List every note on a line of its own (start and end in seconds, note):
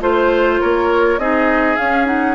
0.00 0.59 A3
0.00 1.18 F4
0.00 0.60 C5
0.00 0.61 C5
0.60 1.18 A#3
0.60 1.19 A#4
0.60 1.18 C#5
1.18 1.76 C4
1.18 1.77 D#4
1.18 2.35 G#4
1.18 1.76 D#5
1.76 2.05 C#4
1.76 2.35 C#4
1.76 2.06 F5
2.05 2.35 D#4
2.05 2.35 F#5